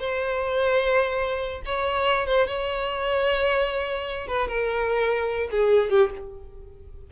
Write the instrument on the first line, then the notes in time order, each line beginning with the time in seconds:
violin
0.00 C5
1.66 C#5
2.27 C5
2.47 C#5
4.28 B4
4.48 A#4
5.52 G#4
5.90 G4